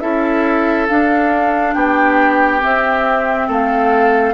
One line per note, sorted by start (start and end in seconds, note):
0.00 0.89 C#4
0.00 0.88 E4
0.00 1.75 A4
0.00 0.87 E5
0.88 2.61 D4
0.88 1.75 D4
0.88 1.74 F5
1.74 2.62 B3
1.74 3.48 G4
1.74 2.61 G5
2.61 4.34 C4
2.61 3.49 C4
2.61 3.50 E5
3.48 4.34 A3
3.48 4.34 A4
3.48 4.34 F5